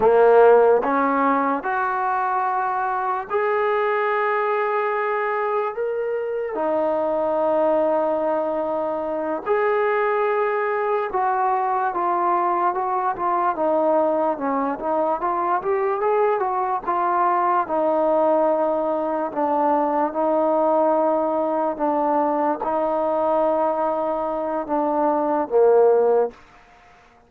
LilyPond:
\new Staff \with { instrumentName = "trombone" } { \time 4/4 \tempo 4 = 73 ais4 cis'4 fis'2 | gis'2. ais'4 | dis'2.~ dis'8 gis'8~ | gis'4. fis'4 f'4 fis'8 |
f'8 dis'4 cis'8 dis'8 f'8 g'8 gis'8 | fis'8 f'4 dis'2 d'8~ | d'8 dis'2 d'4 dis'8~ | dis'2 d'4 ais4 | }